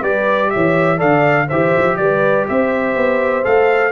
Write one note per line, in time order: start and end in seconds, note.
0.00 0.51 G3
0.00 0.98 G4
0.00 0.49 B4
0.00 0.50 D5
0.50 1.02 E3
0.50 0.97 C#5
0.50 0.99 E5
0.97 1.50 D3
0.97 1.47 A4
0.97 1.46 D5
0.97 1.49 F5
1.48 1.76 E3
1.48 3.43 G4
1.48 1.96 C5
1.48 1.97 E5
1.78 1.98 F3
1.97 2.47 G3
1.97 2.47 B4
1.97 2.46 D5
2.47 2.96 C4
2.47 3.92 C5
2.47 3.45 E5
2.96 3.45 B3
3.43 3.92 A3
3.43 3.92 A4
3.43 3.92 F5